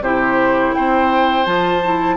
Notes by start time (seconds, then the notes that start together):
0.00 C3 E4 G4 C5
0.74 C4 C5 G5
1.45 F3 F4 A5
1.84 E4